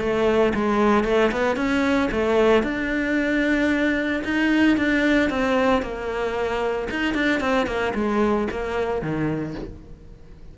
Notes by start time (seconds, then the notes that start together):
0.00 A3
0.55 G#3
1.04 A3
1.32 B3
1.56 C#4
2.11 A3
2.63 D4
4.24 D#4
4.77 D4
5.30 C4
5.82 A#3
6.91 D#4
7.14 D4
7.40 C4
7.67 A#3
7.95 G#3
8.51 A#3
9.02 D#3